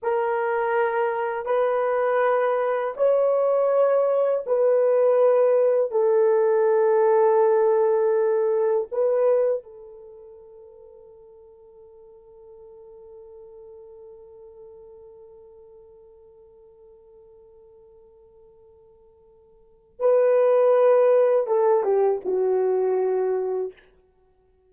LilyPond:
\new Staff \with { instrumentName = "horn" } { \time 4/4 \tempo 4 = 81 ais'2 b'2 | cis''2 b'2 | a'1 | b'4 a'2.~ |
a'1~ | a'1~ | a'2. b'4~ | b'4 a'8 g'8 fis'2 | }